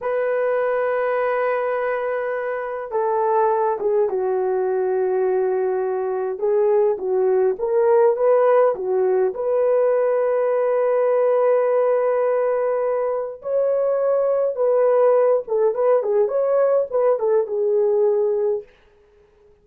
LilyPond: \new Staff \with { instrumentName = "horn" } { \time 4/4 \tempo 4 = 103 b'1~ | b'4 a'4. gis'8 fis'4~ | fis'2. gis'4 | fis'4 ais'4 b'4 fis'4 |
b'1~ | b'2. cis''4~ | cis''4 b'4. a'8 b'8 gis'8 | cis''4 b'8 a'8 gis'2 | }